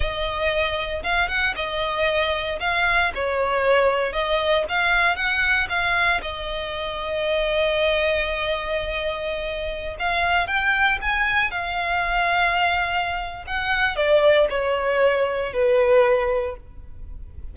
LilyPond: \new Staff \with { instrumentName = "violin" } { \time 4/4 \tempo 4 = 116 dis''2 f''8 fis''8 dis''4~ | dis''4 f''4 cis''2 | dis''4 f''4 fis''4 f''4 | dis''1~ |
dis''2.~ dis''16 f''8.~ | f''16 g''4 gis''4 f''4.~ f''16~ | f''2 fis''4 d''4 | cis''2 b'2 | }